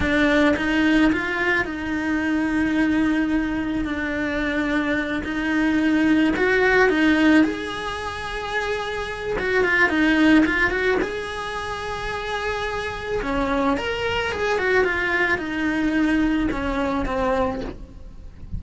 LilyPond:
\new Staff \with { instrumentName = "cello" } { \time 4/4 \tempo 4 = 109 d'4 dis'4 f'4 dis'4~ | dis'2. d'4~ | d'4. dis'2 fis'8~ | fis'8 dis'4 gis'2~ gis'8~ |
gis'4 fis'8 f'8 dis'4 f'8 fis'8 | gis'1 | cis'4 ais'4 gis'8 fis'8 f'4 | dis'2 cis'4 c'4 | }